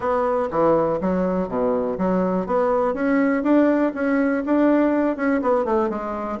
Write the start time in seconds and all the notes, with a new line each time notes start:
0.00 B3
0.50 E3
1.00 F#3
1.48 B2
1.98 F#3
2.46 B3
2.94 C#4
3.43 D4
3.94 C#4
4.45 D4
5.16 C#4
5.41 B3
5.64 A3
5.89 G#3